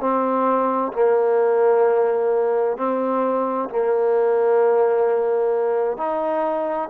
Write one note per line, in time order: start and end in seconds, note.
0.00 0.92 C4
0.93 2.77 A#3
2.77 3.69 C4
3.69 5.97 A#3
5.97 6.89 D#4